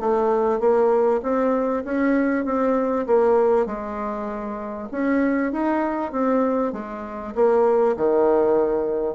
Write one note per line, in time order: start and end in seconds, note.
0.00 0.60 A3
0.60 1.21 A#3
1.22 1.84 C4
1.85 2.45 C#4
2.45 3.06 C4
3.07 3.66 A#3
3.66 4.88 G#3
4.91 5.52 C#4
5.52 6.12 D#4
6.12 6.73 C4
6.73 7.34 G#3
7.35 7.96 A#3
7.97 9.15 D#3